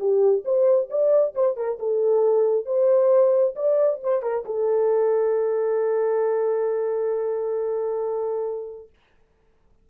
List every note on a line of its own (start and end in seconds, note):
0.00 0.44 G4
0.45 0.90 C5
0.91 1.35 D5
1.35 1.57 C5
1.57 1.79 A#4
1.80 2.66 A4
2.66 3.55 C5
3.56 4.00 D5
4.04 4.23 C5
4.23 4.45 A#4
4.45 8.90 A4